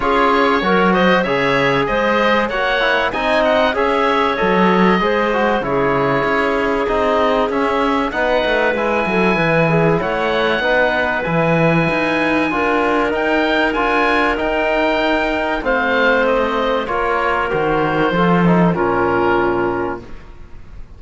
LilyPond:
<<
  \new Staff \with { instrumentName = "oboe" } { \time 4/4 \tempo 4 = 96 cis''4. dis''8 e''4 dis''4 | fis''4 gis''8 fis''8 e''4 dis''4~ | dis''4 cis''2 dis''4 | e''4 fis''4 gis''2 |
fis''2 gis''2~ | gis''4 g''4 gis''4 g''4~ | g''4 f''4 dis''4 cis''4 | c''2 ais'2 | }
  \new Staff \with { instrumentName = "clarinet" } { \time 4/4 gis'4 ais'8 c''8 cis''4 c''4 | cis''4 dis''4 cis''2 | c''4 gis'2.~ | gis'4 b'4. a'8 b'8 gis'8 |
cis''4 b'2. | ais'1~ | ais'4 c''2 ais'4~ | ais'4 a'4 f'2 | }
  \new Staff \with { instrumentName = "trombone" } { \time 4/4 f'4 fis'4 gis'2 | fis'8 e'8 dis'4 gis'4 a'4 | gis'8 fis'8 e'2 dis'4 | cis'4 dis'4 e'2~ |
e'4 dis'4 e'2 | f'4 dis'4 f'4 dis'4~ | dis'4 c'2 f'4 | fis'4 f'8 dis'8 cis'2 | }
  \new Staff \with { instrumentName = "cello" } { \time 4/4 cis'4 fis4 cis4 gis4 | ais4 c'4 cis'4 fis4 | gis4 cis4 cis'4 c'4 | cis'4 b8 a8 gis8 fis8 e4 |
a4 b4 e4 dis'4 | d'4 dis'4 d'4 dis'4~ | dis'4 a2 ais4 | dis4 f4 ais,2 | }
>>